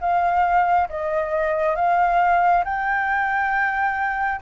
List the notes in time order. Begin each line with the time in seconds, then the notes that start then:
0.00 F5
0.89 D#5
1.75 F5
2.64 G5